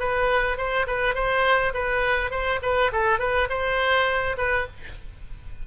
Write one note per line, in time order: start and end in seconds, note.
0.00 0.58 B4
0.58 0.87 C5
0.87 1.15 B4
1.15 1.73 C5
1.74 2.31 B4
2.31 2.60 C5
2.63 2.92 B4
2.93 3.20 A4
3.20 3.49 B4
3.50 4.37 C5
4.38 4.67 B4